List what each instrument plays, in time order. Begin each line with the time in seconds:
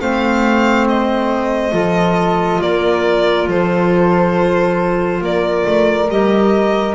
0.00 double bass A3, clarinet C4, flute C5, violin F5
0.88 violin D#5
1.72 double bass F3, clarinet F4, flute A4
2.62 double bass A#3, flute A#4, violin D5
3.47 double bass F3, flute A4, violin C5
5.21 double bass A#3, flute A#4, violin D5
5.66 double bass A3
6.09 double bass G3, clarinet G4, violin D#5